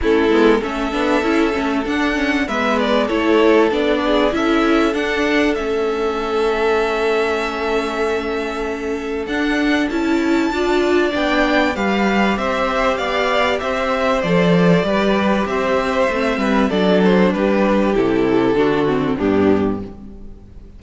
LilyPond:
<<
  \new Staff \with { instrumentName = "violin" } { \time 4/4 \tempo 4 = 97 a'4 e''2 fis''4 | e''8 d''8 cis''4 d''4 e''4 | fis''4 e''2.~ | e''2. fis''4 |
a''2 g''4 f''4 | e''4 f''4 e''4 d''4~ | d''4 e''2 d''8 c''8 | b'4 a'2 g'4 | }
  \new Staff \with { instrumentName = "violin" } { \time 4/4 e'4 a'2. | b'4 a'4. gis'8 a'4~ | a'1~ | a'1~ |
a'4 d''2 b'4 | c''4 d''4 c''2 | b'4 c''4. b'8 a'4 | g'2 fis'4 d'4 | }
  \new Staff \with { instrumentName = "viola" } { \time 4/4 cis'8 b8 cis'8 d'8 e'8 cis'8 d'8 cis'8 | b4 e'4 d'4 e'4 | d'4 cis'2.~ | cis'2. d'4 |
e'4 f'4 d'4 g'4~ | g'2. a'4 | g'2 c'4 d'4~ | d'4 e'4 d'8 c'8 b4 | }
  \new Staff \with { instrumentName = "cello" } { \time 4/4 a8 gis8 a8 b8 cis'8 a8 d'4 | gis4 a4 b4 cis'4 | d'4 a2.~ | a2. d'4 |
cis'4 d'4 b4 g4 | c'4 b4 c'4 f4 | g4 c'4 a8 g8 fis4 | g4 c4 d4 g,4 | }
>>